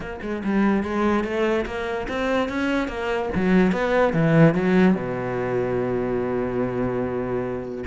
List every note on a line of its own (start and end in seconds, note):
0.00 0.19 A#3
0.22 0.42 G#3
0.44 0.83 G3
0.83 1.24 G#3
1.24 1.65 A3
1.65 2.07 A#3
2.08 2.48 C4
2.48 2.88 C#4
2.88 3.29 A#3
3.35 3.72 F#3
3.72 4.13 B3
4.13 4.54 E3
4.54 4.94 F#3
4.94 7.84 B2